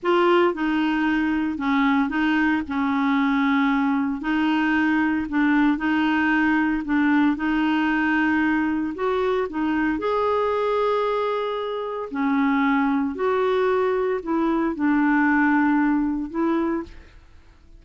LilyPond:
\new Staff \with { instrumentName = "clarinet" } { \time 4/4 \tempo 4 = 114 f'4 dis'2 cis'4 | dis'4 cis'2. | dis'2 d'4 dis'4~ | dis'4 d'4 dis'2~ |
dis'4 fis'4 dis'4 gis'4~ | gis'2. cis'4~ | cis'4 fis'2 e'4 | d'2. e'4 | }